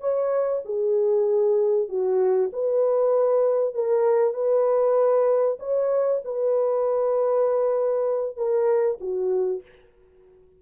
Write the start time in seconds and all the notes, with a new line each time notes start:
0.00 C#5
0.65 G#4
1.88 F#4
2.52 B4
3.74 A#4
4.34 B4
5.59 C#5
6.24 B4
8.36 A#4
9.00 F#4